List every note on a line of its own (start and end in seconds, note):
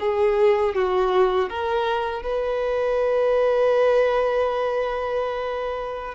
0.00 0.75 G#4
0.75 1.49 F#4
1.49 2.23 A#4
2.23 6.15 B4